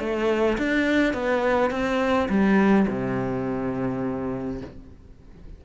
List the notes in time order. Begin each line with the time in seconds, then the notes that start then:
0.00 A3
0.58 D4
1.14 B3
1.70 C4
2.29 G3
2.88 C3